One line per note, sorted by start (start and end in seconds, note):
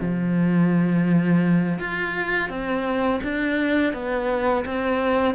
0.00 1.79 F3
1.79 2.49 F4
2.49 3.20 C4
3.23 3.93 D4
3.93 4.65 B3
4.65 5.34 C4